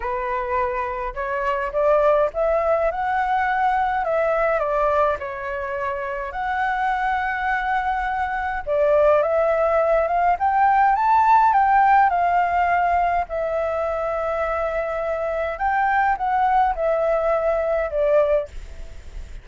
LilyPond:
\new Staff \with { instrumentName = "flute" } { \time 4/4 \tempo 4 = 104 b'2 cis''4 d''4 | e''4 fis''2 e''4 | d''4 cis''2 fis''4~ | fis''2. d''4 |
e''4. f''8 g''4 a''4 | g''4 f''2 e''4~ | e''2. g''4 | fis''4 e''2 d''4 | }